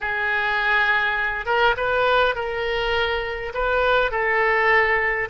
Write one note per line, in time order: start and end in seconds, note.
0.01 1.45 G#4
1.45 1.75 A#4
1.76 2.35 B4
2.35 3.52 A#4
3.53 4.11 B4
4.11 5.28 A4